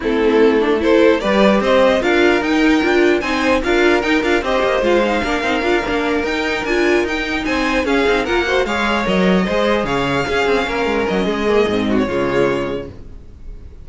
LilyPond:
<<
  \new Staff \with { instrumentName = "violin" } { \time 4/4 \tempo 4 = 149 a'2 c''4 d''4 | dis''4 f''4 g''2 | gis''4 f''4 g''8 f''8 dis''4 | f''2.~ f''8 g''8~ |
g''8 gis''4 g''4 gis''4 f''8~ | f''8 fis''4 f''4 dis''4.~ | dis''8 f''2. dis''8~ | dis''4.~ dis''16 cis''2~ cis''16 | }
  \new Staff \with { instrumentName = "violin" } { \time 4/4 e'2 a'4 b'4 | c''4 ais'2. | c''4 ais'2 c''4~ | c''4 ais'2.~ |
ais'2~ ais'8 c''4 gis'8~ | gis'8 ais'8 c''8 cis''2 c''8~ | c''8 cis''4 gis'4 ais'4. | gis'4. fis'8 f'2 | }
  \new Staff \with { instrumentName = "viola" } { \time 4/4 c'4. d'8 e'4 g'4~ | g'4 f'4 dis'4 f'4 | dis'4 f'4 dis'8 f'8 g'4 | f'8 dis'8 d'8 dis'8 f'8 d'4 dis'8~ |
dis'8 f'4 dis'2 cis'8 | dis'8 f'8 fis'8 gis'4 ais'4 gis'8~ | gis'4. cis'2~ cis'8~ | cis'8 ais8 c'4 gis2 | }
  \new Staff \with { instrumentName = "cello" } { \time 4/4 a2. g4 | c'4 d'4 dis'4 d'4 | c'4 d'4 dis'8 d'8 c'8 ais8 | gis4 ais8 c'8 d'8 ais4 dis'8~ |
dis'8 d'4 dis'4 c'4 cis'8 | c'8 ais4 gis4 fis4 gis8~ | gis8 cis4 cis'8 c'8 ais8 gis8 fis8 | gis4 gis,4 cis2 | }
>>